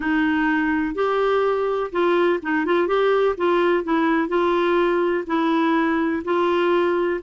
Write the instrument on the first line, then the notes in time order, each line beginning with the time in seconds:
clarinet
0.00 D#4
0.94 G4
1.92 F4
2.42 D#4
2.65 F4
2.87 G4
3.37 F4
3.84 E4
4.28 F4
5.26 E4
6.24 F4